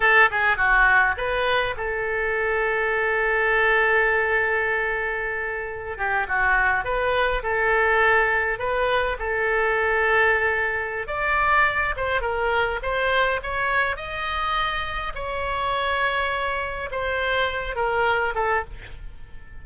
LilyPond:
\new Staff \with { instrumentName = "oboe" } { \time 4/4 \tempo 4 = 103 a'8 gis'8 fis'4 b'4 a'4~ | a'1~ | a'2~ a'16 g'8 fis'4 b'16~ | b'8. a'2 b'4 a'16~ |
a'2. d''4~ | d''8 c''8 ais'4 c''4 cis''4 | dis''2 cis''2~ | cis''4 c''4. ais'4 a'8 | }